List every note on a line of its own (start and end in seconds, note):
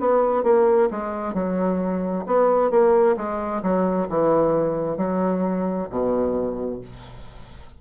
0.00 0.43 B3
0.43 0.89 A#3
0.91 1.34 G#3
1.34 2.25 F#3
2.26 2.71 B3
2.71 3.16 A#3
3.17 3.62 G#3
3.62 4.08 F#3
4.09 4.97 E3
4.97 5.88 F#3
5.90 6.81 B2